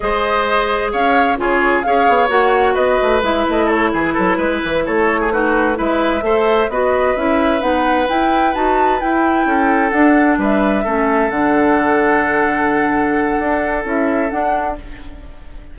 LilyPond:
<<
  \new Staff \with { instrumentName = "flute" } { \time 4/4 \tempo 4 = 130 dis''2 f''4 cis''4 | f''4 fis''4 dis''4 e''8 dis''8 | cis''8 b'2 cis''4 b'8~ | b'8 e''2 dis''4 e''8~ |
e''8 fis''4 g''4 a''4 g''8~ | g''4. fis''4 e''4.~ | e''8 fis''2.~ fis''8~ | fis''2 e''4 fis''4 | }
  \new Staff \with { instrumentName = "oboe" } { \time 4/4 c''2 cis''4 gis'4 | cis''2 b'2 | a'8 gis'8 a'8 b'4 a'8. gis'16 fis'8~ | fis'8 b'4 c''4 b'4.~ |
b'1~ | b'8 a'2 b'4 a'8~ | a'1~ | a'1 | }
  \new Staff \with { instrumentName = "clarinet" } { \time 4/4 gis'2. f'4 | gis'4 fis'2 e'4~ | e'2.~ e'8 dis'8~ | dis'8 e'4 a'4 fis'4 e'8~ |
e'8 dis'4 e'4 fis'4 e'8~ | e'4. d'2 cis'8~ | cis'8 d'2.~ d'8~ | d'2 e'4 d'4 | }
  \new Staff \with { instrumentName = "bassoon" } { \time 4/4 gis2 cis'4 cis4 | cis'8 b8 ais4 b8 a8 gis8 a8~ | a8 e8 fis8 gis8 e8 a4.~ | a8 gis4 a4 b4 cis'8~ |
cis'8 b4 e'4 dis'4 e'8~ | e'8 cis'4 d'4 g4 a8~ | a8 d2.~ d8~ | d4 d'4 cis'4 d'4 | }
>>